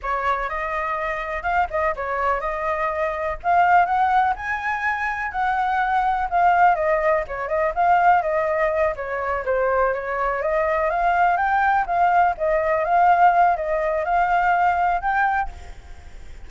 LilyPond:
\new Staff \with { instrumentName = "flute" } { \time 4/4 \tempo 4 = 124 cis''4 dis''2 f''8 dis''8 | cis''4 dis''2 f''4 | fis''4 gis''2 fis''4~ | fis''4 f''4 dis''4 cis''8 dis''8 |
f''4 dis''4. cis''4 c''8~ | c''8 cis''4 dis''4 f''4 g''8~ | g''8 f''4 dis''4 f''4. | dis''4 f''2 g''4 | }